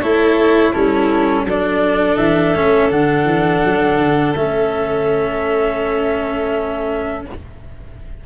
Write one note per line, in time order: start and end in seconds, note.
0.00 0.74 A3
0.00 0.74 E4
0.00 0.72 A4
0.00 0.72 C#5
0.72 1.44 G3
0.72 1.46 C#4
0.72 1.44 E4
0.72 1.44 A4
1.44 2.16 F#3
1.44 2.55 D4
1.44 7.23 A4
1.44 2.17 D5
2.17 2.54 E3
2.17 2.89 E5
2.54 2.90 A3
2.54 2.89 C#4
2.89 3.24 D3
2.89 4.34 D4
2.89 4.35 F#5
3.24 3.61 E3
3.64 3.98 F#3
3.98 4.34 D3
4.34 7.23 A3
4.34 7.25 C#4
4.34 7.24 E5